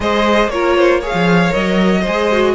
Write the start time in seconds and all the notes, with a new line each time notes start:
0.00 G#3 G#4 C5 D#5
0.47 A#3 F4 A#4 C#5
0.76 C5
1.00 G#4 C#5 F5
1.13 F3
1.49 A#4 D#5
1.55 F#3
2.01 C5
2.07 G#3 G#4
2.31 F#4